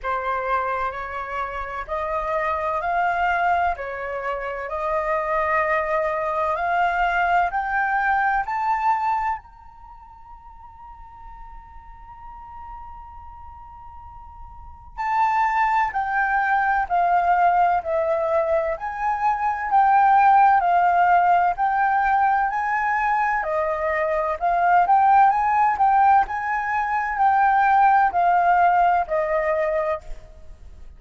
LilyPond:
\new Staff \with { instrumentName = "flute" } { \time 4/4 \tempo 4 = 64 c''4 cis''4 dis''4 f''4 | cis''4 dis''2 f''4 | g''4 a''4 ais''2~ | ais''1 |
a''4 g''4 f''4 e''4 | gis''4 g''4 f''4 g''4 | gis''4 dis''4 f''8 g''8 gis''8 g''8 | gis''4 g''4 f''4 dis''4 | }